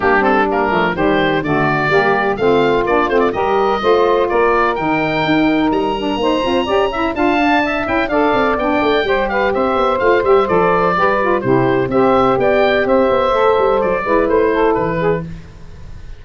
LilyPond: <<
  \new Staff \with { instrumentName = "oboe" } { \time 4/4 \tempo 4 = 126 g'8 a'8 ais'4 c''4 d''4~ | d''4 f''4 d''8 c''16 d''16 dis''4~ | dis''4 d''4 g''2 | ais''2. a''4~ |
a''8 g''8 f''4 g''4. f''8 | e''4 f''8 e''8 d''2 | c''4 e''4 g''4 e''4~ | e''4 d''4 c''4 b'4 | }
  \new Staff \with { instrumentName = "saxophone" } { \time 4/4 d'2 g'4 fis'4 | g'4 f'2 ais'4 | c''4 ais'2.~ | ais'4 c''4 d''8 e''8 f''4 |
e''4 d''2 c''8 b'8 | c''2. b'4 | g'4 c''4 d''4 c''4~ | c''4. b'4 a'4 gis'8 | }
  \new Staff \with { instrumentName = "saxophone" } { \time 4/4 ais8 c'8 ais8 a8 g4 a4 | ais4 c'4 d'8 c'8 g'4 | f'2 dis'2~ | dis'8 d'8 dis'8 f'8 g'8 e'8 f'8 d'8~ |
d'8 e'8 a'4 d'4 g'4~ | g'4 f'8 g'8 a'4 g'8 f'8 | e'4 g'2. | a'4. e'2~ e'8 | }
  \new Staff \with { instrumentName = "tuba" } { \time 4/4 g4. f8 dis4 d4 | g4 a4 ais8 a8 g4 | a4 ais4 dis4 dis'4 | g4 ais8 c'8 cis'4 d'4~ |
d'8 cis'8 d'8 c'8 b8 a8 g4 | c'8 b8 a8 g8 f4 g4 | c4 c'4 b4 c'8 b8 | a8 g8 fis8 gis8 a4 e4 | }
>>